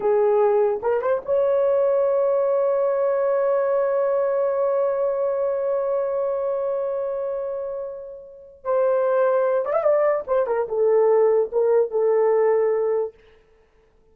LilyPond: \new Staff \with { instrumentName = "horn" } { \time 4/4 \tempo 4 = 146 gis'2 ais'8 c''8 cis''4~ | cis''1~ | cis''1~ | cis''1~ |
cis''1~ | cis''4 c''2~ c''8 d''16 e''16 | d''4 c''8 ais'8 a'2 | ais'4 a'2. | }